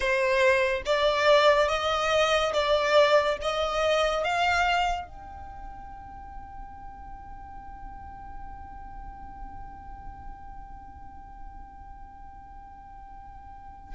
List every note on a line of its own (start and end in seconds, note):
0.00 0.82 C5
0.85 1.68 D5
1.68 2.52 D#5
2.53 3.37 D5
3.41 4.24 D#5
4.24 5.07 F5
5.07 13.94 G5